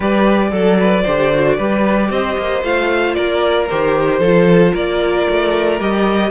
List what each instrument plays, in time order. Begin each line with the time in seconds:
0.00 cello G3, viola G4, violin B4 D5
0.51 cello F#3, viola A4, violin A4
0.79 violin B4
1.03 cello D3, viola G4, violin C5
1.33 viola F#4
1.57 cello G3, viola G4, violin B4
2.10 cello C4, violin C5 D#5
2.37 cello A#3
2.63 cello A3, viola F4, violin F5
3.14 cello A#3, violin A#4 D5
3.69 cello D#3, viola G4, violin C5
4.19 cello F3, viola F4, violin A4
4.71 cello A#3, violin A#4 D5
5.29 cello A3
5.79 cello G3, viola G4, violin D#5